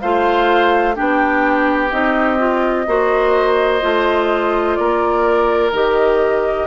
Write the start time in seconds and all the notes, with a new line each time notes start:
0.00 A3 F4 C5 F5
0.95 B3 D4 G4 G5
1.91 C4 D#4 D#5
2.38 F4
2.87 A#3 F#4 C5
3.80 A3 F4
4.75 A#3 A#4 D5
5.72 D#3 G4 D#5